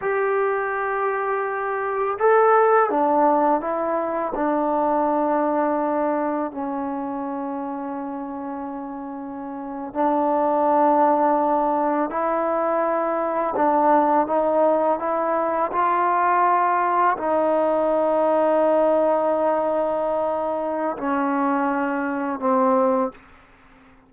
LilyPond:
\new Staff \with { instrumentName = "trombone" } { \time 4/4 \tempo 4 = 83 g'2. a'4 | d'4 e'4 d'2~ | d'4 cis'2.~ | cis'4.~ cis'16 d'2~ d'16~ |
d'8. e'2 d'4 dis'16~ | dis'8. e'4 f'2 dis'16~ | dis'1~ | dis'4 cis'2 c'4 | }